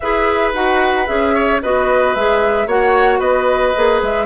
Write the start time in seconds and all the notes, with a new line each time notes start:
0.00 E4 G#4 B4 E5
0.54 D#4 F#4 F#5
1.05 C#4 G#4 E5
1.34 C#5
1.62 B3 F#4 B4 D#5
2.14 G#3 G#4 E5
2.66 A#3 F#4 C#5 F#5
3.19 B3 B4 D#5
3.75 A#3 G#4
4.02 G#3 E5